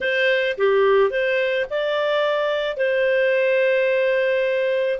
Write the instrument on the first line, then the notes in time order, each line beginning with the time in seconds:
clarinet
0.01 C5
0.57 G4
1.10 C5
1.69 D5
2.76 C5